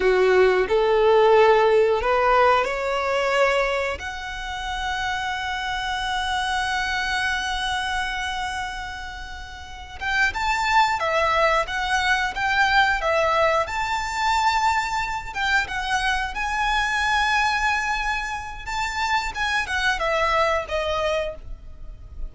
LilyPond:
\new Staff \with { instrumentName = "violin" } { \time 4/4 \tempo 4 = 90 fis'4 a'2 b'4 | cis''2 fis''2~ | fis''1~ | fis''2. g''8 a''8~ |
a''8 e''4 fis''4 g''4 e''8~ | e''8 a''2~ a''8 g''8 fis''8~ | fis''8 gis''2.~ gis''8 | a''4 gis''8 fis''8 e''4 dis''4 | }